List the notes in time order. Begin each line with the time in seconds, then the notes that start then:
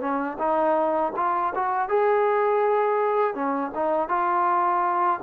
0.00 C#4
0.38 D#4
1.16 F4
1.55 F#4
1.89 G#4
3.34 C#4
3.75 D#4
4.08 F4